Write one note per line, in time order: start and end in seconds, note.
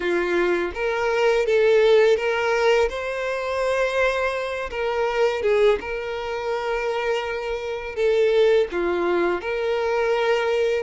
0.00 0.71 F4
0.74 1.46 A#4
1.46 2.16 A4
2.16 2.88 A#4
2.89 4.70 C5
4.70 5.42 A#4
5.42 5.78 G#4
5.80 7.95 A#4
7.95 8.67 A4
8.71 9.41 F4
9.41 10.83 A#4